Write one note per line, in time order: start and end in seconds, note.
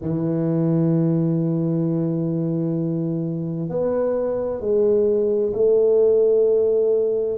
0.01 3.69 E3
3.69 4.60 B3
4.60 5.52 G#3
5.53 7.37 A3